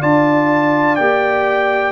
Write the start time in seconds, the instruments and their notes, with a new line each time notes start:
0.00 tuba D4, trombone F4, horn D5, trumpet A5
0.96 tuba A#3, trombone G4, trumpet G5